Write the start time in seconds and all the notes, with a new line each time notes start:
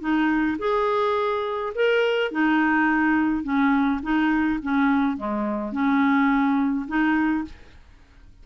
0.00 D#4
0.58 G#4
1.75 A#4
2.31 D#4
3.43 C#4
4.03 D#4
4.62 C#4
5.17 G#3
5.72 C#4
6.87 D#4